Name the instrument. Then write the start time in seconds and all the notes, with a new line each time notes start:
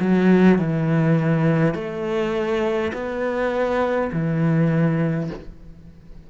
cello
0.00 F#3
0.59 E3
1.75 A3
2.94 B3
4.13 E3